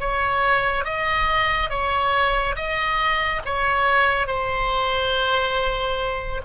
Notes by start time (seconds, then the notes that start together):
0.00 C#5
0.85 D#5
1.70 C#5
2.56 D#5
3.45 C#5
4.27 C5